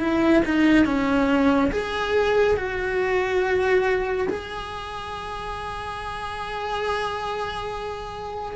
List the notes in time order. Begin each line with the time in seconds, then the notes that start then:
0.00 E4
0.45 D#4
0.85 C#4
1.72 G#4
2.57 F#4
4.29 G#4